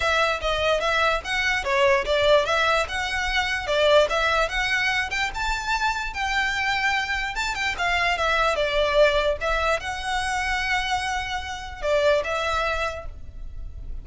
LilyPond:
\new Staff \with { instrumentName = "violin" } { \time 4/4 \tempo 4 = 147 e''4 dis''4 e''4 fis''4 | cis''4 d''4 e''4 fis''4~ | fis''4 d''4 e''4 fis''4~ | fis''8 g''8 a''2 g''4~ |
g''2 a''8 g''8 f''4 | e''4 d''2 e''4 | fis''1~ | fis''4 d''4 e''2 | }